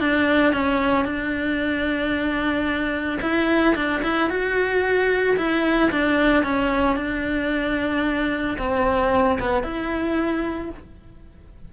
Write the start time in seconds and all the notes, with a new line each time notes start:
0.00 D4
0.53 C#4
1.05 D4
3.21 E4
3.76 D4
4.03 E4
4.30 F#4
5.37 E4
5.91 D4
6.43 C#4
6.96 D4
8.59 C4
9.39 B3
9.63 E4